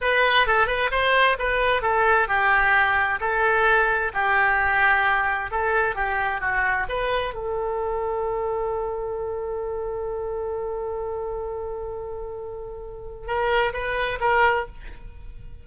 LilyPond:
\new Staff \with { instrumentName = "oboe" } { \time 4/4 \tempo 4 = 131 b'4 a'8 b'8 c''4 b'4 | a'4 g'2 a'4~ | a'4 g'2. | a'4 g'4 fis'4 b'4 |
a'1~ | a'1~ | a'1~ | a'4 ais'4 b'4 ais'4 | }